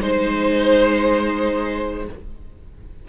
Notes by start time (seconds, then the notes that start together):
0.00 G#3 D#4 C5